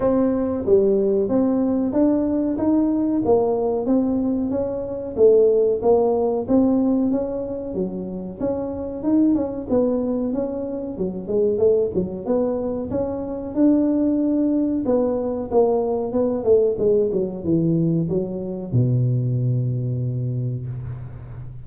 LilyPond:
\new Staff \with { instrumentName = "tuba" } { \time 4/4 \tempo 4 = 93 c'4 g4 c'4 d'4 | dis'4 ais4 c'4 cis'4 | a4 ais4 c'4 cis'4 | fis4 cis'4 dis'8 cis'8 b4 |
cis'4 fis8 gis8 a8 fis8 b4 | cis'4 d'2 b4 | ais4 b8 a8 gis8 fis8 e4 | fis4 b,2. | }